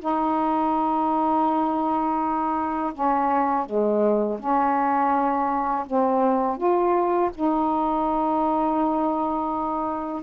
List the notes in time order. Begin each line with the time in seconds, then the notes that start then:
0.00 D#4
2.94 C#4
3.66 G#3
4.40 C#4
5.86 C4
6.58 F4
7.35 D#4